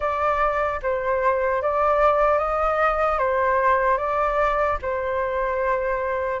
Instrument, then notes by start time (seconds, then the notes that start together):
flute
0.00 D5
0.82 C5
1.61 D5
2.38 D#5
3.18 C5
3.97 D5
4.82 C5